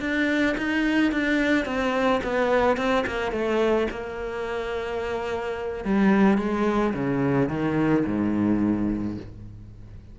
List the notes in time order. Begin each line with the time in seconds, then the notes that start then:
0.00 D4
0.57 D#4
1.12 D4
1.65 C4
2.23 B3
2.77 C4
3.07 A#3
3.32 A3
3.90 A#3
5.85 G3
6.38 G#3
6.94 C#3
7.49 D#3
8.06 G#2